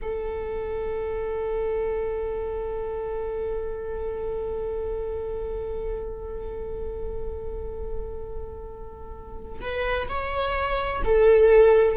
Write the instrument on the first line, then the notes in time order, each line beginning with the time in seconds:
viola
0.02 A4
9.61 B4
10.08 C#5
11.04 A4